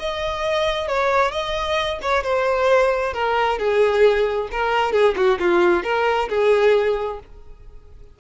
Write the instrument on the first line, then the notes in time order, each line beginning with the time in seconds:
violin
0.00 D#5
0.89 C#5
1.32 D#5
2.02 C#5
2.24 C5
3.14 A#4
3.59 G#4
4.52 A#4
4.93 G#4
5.17 F#4
5.40 F4
5.84 A#4
6.30 G#4